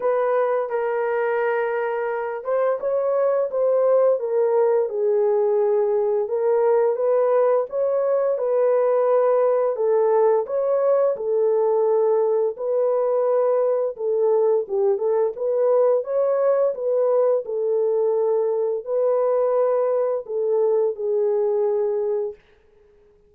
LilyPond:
\new Staff \with { instrumentName = "horn" } { \time 4/4 \tempo 4 = 86 b'4 ais'2~ ais'8 c''8 | cis''4 c''4 ais'4 gis'4~ | gis'4 ais'4 b'4 cis''4 | b'2 a'4 cis''4 |
a'2 b'2 | a'4 g'8 a'8 b'4 cis''4 | b'4 a'2 b'4~ | b'4 a'4 gis'2 | }